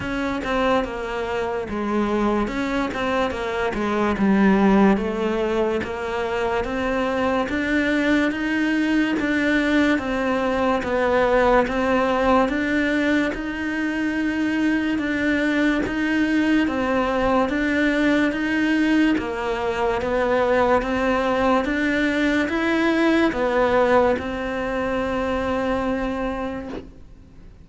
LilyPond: \new Staff \with { instrumentName = "cello" } { \time 4/4 \tempo 4 = 72 cis'8 c'8 ais4 gis4 cis'8 c'8 | ais8 gis8 g4 a4 ais4 | c'4 d'4 dis'4 d'4 | c'4 b4 c'4 d'4 |
dis'2 d'4 dis'4 | c'4 d'4 dis'4 ais4 | b4 c'4 d'4 e'4 | b4 c'2. | }